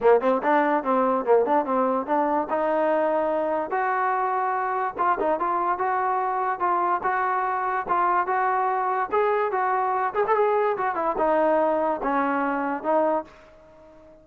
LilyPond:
\new Staff \with { instrumentName = "trombone" } { \time 4/4 \tempo 4 = 145 ais8 c'8 d'4 c'4 ais8 d'8 | c'4 d'4 dis'2~ | dis'4 fis'2. | f'8 dis'8 f'4 fis'2 |
f'4 fis'2 f'4 | fis'2 gis'4 fis'4~ | fis'8 gis'16 a'16 gis'4 fis'8 e'8 dis'4~ | dis'4 cis'2 dis'4 | }